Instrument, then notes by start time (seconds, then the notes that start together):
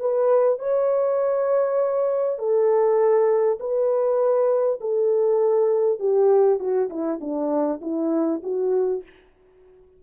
horn
0.00 B4
0.59 C#5
2.39 A4
3.60 B4
4.81 A4
6.00 G4
6.60 F#4
6.90 E4
7.21 D4
7.82 E4
8.43 F#4